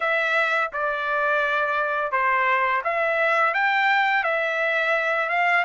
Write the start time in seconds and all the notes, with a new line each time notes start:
0.00 E5
0.73 D5
2.11 C5
2.84 E5
3.54 G5
4.23 E5
5.29 F5